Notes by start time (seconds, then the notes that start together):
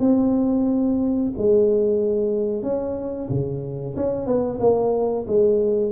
0.00 C4
1.37 G#3
2.63 C#4
3.30 C#3
3.96 C#4
4.26 B3
4.60 A#3
5.27 G#3